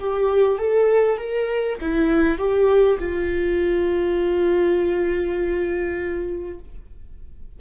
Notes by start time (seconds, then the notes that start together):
0.00 G4
0.59 A4
1.18 A#4
1.82 E4
2.38 G4
2.99 F4